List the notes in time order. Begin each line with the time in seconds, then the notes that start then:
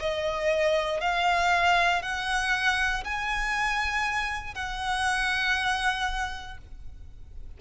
0.00 D#5
1.01 F5
2.02 F#5
3.05 G#5
4.55 F#5